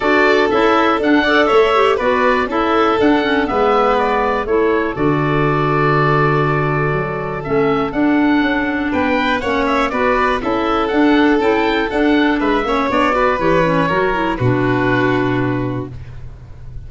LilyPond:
<<
  \new Staff \with { instrumentName = "oboe" } { \time 4/4 \tempo 4 = 121 d''4 e''4 fis''4 e''4 | d''4 e''4 fis''4 e''4 | d''4 cis''4 d''2~ | d''2. e''4 |
fis''2 g''4 fis''8 e''8 | d''4 e''4 fis''4 g''4 | fis''4 e''4 d''4 cis''4~ | cis''4 b'2. | }
  \new Staff \with { instrumentName = "violin" } { \time 4/4 a'2~ a'8 d''8 cis''4 | b'4 a'2 b'4~ | b'4 a'2.~ | a'1~ |
a'2 b'4 cis''4 | b'4 a'2.~ | a'4 b'8 cis''4 b'4. | ais'4 fis'2. | }
  \new Staff \with { instrumentName = "clarinet" } { \time 4/4 fis'4 e'4 d'8 a'4 g'8 | fis'4 e'4 d'8 cis'8 b4~ | b4 e'4 fis'2~ | fis'2. cis'4 |
d'2. cis'4 | fis'4 e'4 d'4 e'4 | d'4. cis'8 d'8 fis'8 g'8 cis'8 | fis'8 e'8 d'2. | }
  \new Staff \with { instrumentName = "tuba" } { \time 4/4 d'4 cis'4 d'4 a4 | b4 cis'4 d'4 gis4~ | gis4 a4 d2~ | d2 fis4 a4 |
d'4 cis'4 b4 ais4 | b4 cis'4 d'4 cis'4 | d'4 gis8 ais8 b4 e4 | fis4 b,2. | }
>>